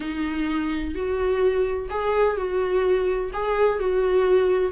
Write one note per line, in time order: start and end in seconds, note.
0.00 0.94 D#4
0.94 1.89 F#4
1.90 2.36 G#4
2.36 3.31 F#4
3.33 3.79 G#4
3.79 4.71 F#4